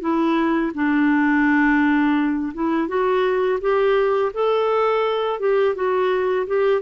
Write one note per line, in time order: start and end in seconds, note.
0.00 0.71 E4
0.74 2.53 D4
2.54 2.88 E4
2.88 3.59 F#4
3.60 4.32 G4
4.33 5.39 A4
5.39 5.75 G4
5.75 6.46 F#4
6.46 6.81 G4